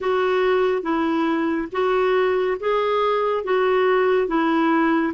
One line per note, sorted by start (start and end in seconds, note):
0.00 0.82 F#4
0.82 1.68 E4
1.71 2.57 F#4
2.59 3.44 G#4
3.44 4.27 F#4
4.27 5.13 E4